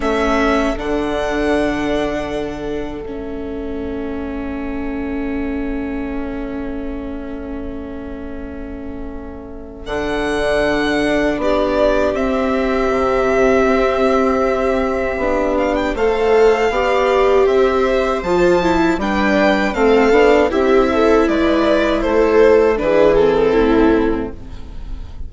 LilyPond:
<<
  \new Staff \with { instrumentName = "violin" } { \time 4/4 \tempo 4 = 79 e''4 fis''2. | e''1~ | e''1~ | e''4 fis''2 d''4 |
e''1~ | e''8 f''16 g''16 f''2 e''4 | a''4 g''4 f''4 e''4 | d''4 c''4 b'8 a'4. | }
  \new Staff \with { instrumentName = "viola" } { \time 4/4 a'1~ | a'1~ | a'1~ | a'2. g'4~ |
g'1~ | g'4 c''4 d''4 c''4~ | c''4 b'4 a'4 g'8 a'8 | b'4 a'4 gis'4 e'4 | }
  \new Staff \with { instrumentName = "viola" } { \time 4/4 cis'4 d'2. | cis'1~ | cis'1~ | cis'4 d'2. |
c'1 | d'4 a'4 g'2 | f'8 e'8 d'4 c'8 d'8 e'4~ | e'2 d'8 c'4. | }
  \new Staff \with { instrumentName = "bassoon" } { \time 4/4 a4 d2. | a1~ | a1~ | a4 d2 b4 |
c'4 c4 c'2 | b4 a4 b4 c'4 | f4 g4 a8 b8 c'4 | gis4 a4 e4 a,4 | }
>>